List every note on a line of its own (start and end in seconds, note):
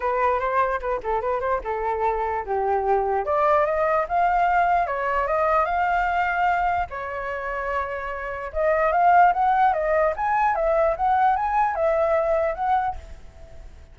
0.00 0.39 B4
0.39 0.80 C5
0.80 1.00 B4
1.03 1.21 A4
1.21 1.40 B4
1.40 1.60 C5
1.64 2.45 A4
2.45 3.25 G4
3.25 3.65 D5
3.65 4.06 D#5
4.08 4.86 F5
4.86 5.27 C#5
5.27 5.65 D#5
5.65 6.86 F5
6.90 8.52 C#5
8.52 8.92 D#5
8.92 9.32 F5
9.33 9.73 F#5
9.73 10.13 D#5
10.16 10.55 G#5
10.55 10.95 E5
10.96 11.36 F#5
11.36 11.75 G#5
11.75 12.55 E5
12.55 12.95 F#5